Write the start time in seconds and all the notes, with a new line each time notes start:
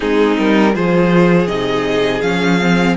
0.00 G#3 C4 D#4 G#4
0.38 G3 A#4
0.73 F3 F4 G#4 C5
1.47 C3 D#4 D#5
2.21 F3 C#4 F5
2.60 C4